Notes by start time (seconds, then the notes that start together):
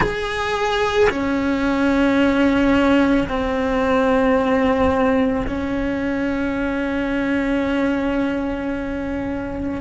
0.00 G#4
1.09 C#4
3.28 C4
5.46 C#4